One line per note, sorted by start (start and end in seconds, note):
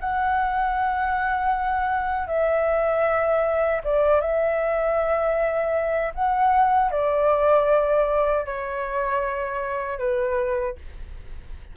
0.00 2.27 F#5
2.27 3.81 E5
3.84 4.21 D5
4.21 6.13 E5
6.14 6.91 F#5
6.91 8.45 D5
8.45 9.99 C#5
9.99 10.76 B4